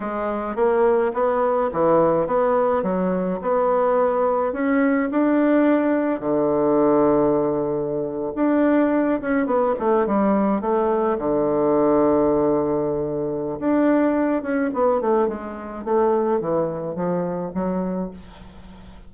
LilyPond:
\new Staff \with { instrumentName = "bassoon" } { \time 4/4 \tempo 4 = 106 gis4 ais4 b4 e4 | b4 fis4 b2 | cis'4 d'2 d4~ | d2~ d8. d'4~ d'16~ |
d'16 cis'8 b8 a8 g4 a4 d16~ | d1 | d'4. cis'8 b8 a8 gis4 | a4 e4 f4 fis4 | }